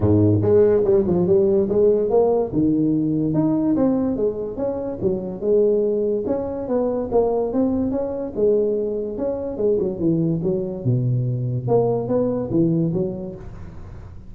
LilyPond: \new Staff \with { instrumentName = "tuba" } { \time 4/4 \tempo 4 = 144 gis,4 gis4 g8 f8 g4 | gis4 ais4 dis2 | dis'4 c'4 gis4 cis'4 | fis4 gis2 cis'4 |
b4 ais4 c'4 cis'4 | gis2 cis'4 gis8 fis8 | e4 fis4 b,2 | ais4 b4 e4 fis4 | }